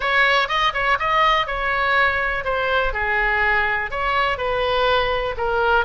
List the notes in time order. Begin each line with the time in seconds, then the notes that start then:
0.00 C#5
0.48 D#5
0.73 C#5
0.99 D#5
1.47 C#5
2.44 C5
2.93 G#4
3.90 C#5
4.37 B4
5.37 A#4